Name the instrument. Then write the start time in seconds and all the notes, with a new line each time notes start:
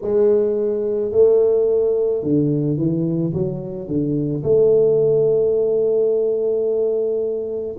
tuba
0.01 G#3
1.11 A3
2.22 D3
2.77 E3
3.33 F#3
3.87 D3
4.43 A3